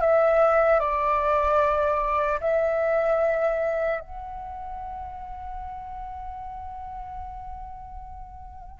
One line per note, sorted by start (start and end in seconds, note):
0.00 0.79 E5
0.79 2.39 D5
2.40 4.00 E5
4.00 8.80 F#5